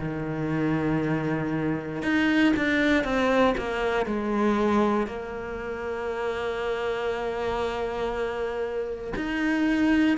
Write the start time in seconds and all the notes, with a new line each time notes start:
0.00 D#3
2.03 D#4
2.57 D4
3.04 C4
3.58 A#3
4.06 G#3
5.07 A#3
9.17 D#4